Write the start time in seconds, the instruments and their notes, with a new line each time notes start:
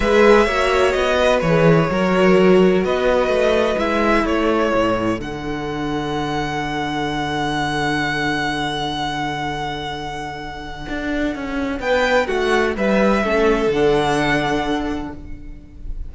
0.00 cello G#3, viola G#4, violin B4 E5
0.45 cello A#3, viola F#4, violin C#5
0.91 cello B3, violin D#5
1.19 violin B4
1.41 cello E3, viola G#4, violin C#5
1.90 cello F#3, viola F#4, violin A#4
2.84 cello B3, violin B4 D#5
3.28 cello A3
3.77 cello G#3, viola E4, violin E5
4.23 cello A3, violin A4 C#5
4.74 cello A2
5.19 cello D3, viola D4, violin F#5
10.88 cello D4
11.35 cello C#4
11.79 cello B3, violin B4 G5
12.26 cello A3, violin F#4 F#5
12.76 cello G3, violin B4 E5
13.23 cello A3, viola C#4, violin A4
13.66 cello D3, violin F#5
13.73 viola D4